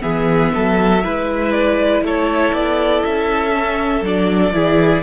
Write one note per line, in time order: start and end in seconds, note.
0.00 0.54 E3
0.00 1.00 B3
0.00 0.52 G#4
0.00 1.51 E5
0.54 1.04 F#3
0.54 1.04 A4
1.03 2.02 G#3
1.03 3.52 E4
1.03 2.04 B4
1.51 2.01 D5
2.02 2.52 A3
2.02 4.54 A4
2.02 2.54 C#5
2.53 3.03 B3
2.53 3.04 D5
3.04 4.01 C#4
3.04 4.04 E5
3.52 4.02 C#4
4.01 4.51 F#3
4.01 4.53 D4
4.01 5.02 D5
4.53 5.02 E3
4.53 5.02 E4
4.53 5.02 G#4